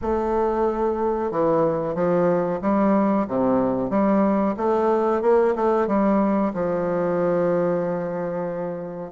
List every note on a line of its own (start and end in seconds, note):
0.01 1.31 A3
1.31 1.94 E3
1.94 2.60 F3
2.61 3.26 G3
3.27 3.90 C3
3.90 4.55 G3
4.57 5.21 A3
5.21 5.54 A#3
5.55 5.87 A3
5.87 6.52 G3
6.53 9.11 F3